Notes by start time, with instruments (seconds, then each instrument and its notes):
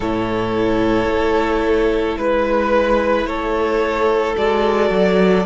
0.00 cello A2, viola E4, violin A4 C#5
1.07 cello A3
2.17 cello G#3, violin B4
3.25 cello A3, violin A4 C#5
4.37 cello G#3, viola F#4, violin D5
4.90 cello F#3